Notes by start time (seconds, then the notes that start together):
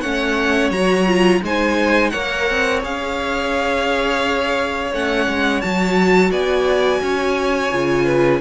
0.00 A3 C#4 C#5 F#5
0.70 F#3 F#4 A#5
1.06 F4
1.42 G#3 D#4 C5 G#5
2.10 A#3 A#4 C#5 F#5
2.50 C4
2.82 C#4 G#4 F5
4.92 A3 C#4 F#5
5.28 G#3
5.61 F#3 F#4 A5
6.31 B3 D5 G#5
7.01 C#4 C#5
7.71 C#3 F4
8.04 B4